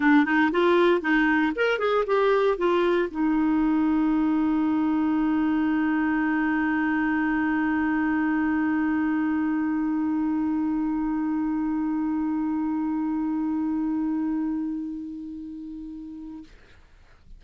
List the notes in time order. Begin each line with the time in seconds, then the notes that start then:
0.00 D4
0.25 D#4
0.51 F4
1.01 D#4
1.55 A#4
1.78 G#4
2.06 G4
2.57 F4
3.10 D#4